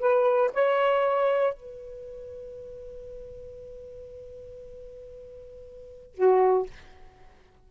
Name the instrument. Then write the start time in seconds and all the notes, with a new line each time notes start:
saxophone
0.00 B4
0.54 C#5
1.54 B4
6.15 F#4